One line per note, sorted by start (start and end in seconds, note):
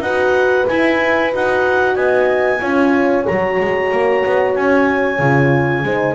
0.00 0.65 D#4
0.00 0.67 F#4
0.00 1.96 B4
0.00 0.67 F#5
0.67 1.32 E4
0.67 1.34 E4
0.67 1.32 G#5
1.33 1.96 D#4
1.33 2.60 F#4
1.33 1.96 F#5
1.96 2.61 B3
1.96 2.60 D#5
1.96 3.25 G#5
2.60 3.27 C#4
2.60 3.25 F4
2.60 5.83 C#5
3.26 3.60 F#3
3.26 5.19 F#4
3.26 4.56 A#5
3.60 3.92 G#3
3.92 4.24 A#3
4.25 4.56 B3
4.56 5.19 C#4
4.56 6.15 G#5
5.19 5.83 C#3
5.19 5.84 F4
5.83 6.15 G#3
5.83 6.15 D#4
5.83 6.15 C5